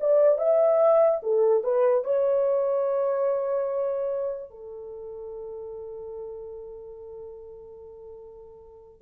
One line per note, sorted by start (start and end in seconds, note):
0.00 0.38 D5
0.38 1.20 E5
1.23 1.63 A4
1.63 2.04 B4
2.04 4.50 C#5
4.50 9.01 A4